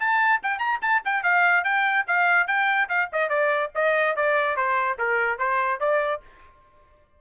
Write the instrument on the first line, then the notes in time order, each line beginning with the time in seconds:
trumpet
0.00 A5
0.43 G5
0.59 A#5
0.82 A5
1.05 G5
1.23 F5
1.64 G5
2.07 F5
2.47 G5
2.89 F5
3.13 D#5
3.30 D5
3.75 D#5
4.16 D5
4.57 C5
4.99 A#4
5.39 C5
5.80 D5